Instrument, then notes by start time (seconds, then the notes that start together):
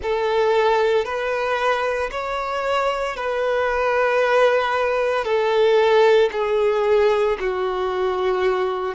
violin
0.02 A4
1.04 B4
2.11 C#5
3.16 B4
5.24 A4
6.32 G#4
7.40 F#4